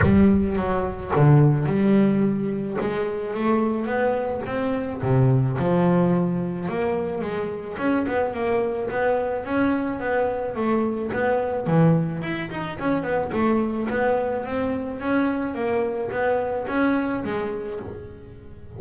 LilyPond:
\new Staff \with { instrumentName = "double bass" } { \time 4/4 \tempo 4 = 108 g4 fis4 d4 g4~ | g4 gis4 a4 b4 | c'4 c4 f2 | ais4 gis4 cis'8 b8 ais4 |
b4 cis'4 b4 a4 | b4 e4 e'8 dis'8 cis'8 b8 | a4 b4 c'4 cis'4 | ais4 b4 cis'4 gis4 | }